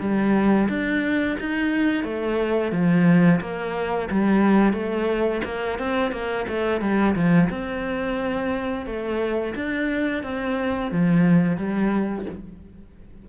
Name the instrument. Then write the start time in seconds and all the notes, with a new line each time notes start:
cello
0.00 G3
0.69 D4
1.40 D#4
2.04 A3
2.72 F3
3.41 A#3
4.11 G3
4.73 A3
5.45 A#3
5.79 C4
6.12 A#3
6.48 A3
6.81 G3
7.15 F3
7.50 C4
8.86 A3
9.55 D4
10.23 C4
10.91 F3
11.57 G3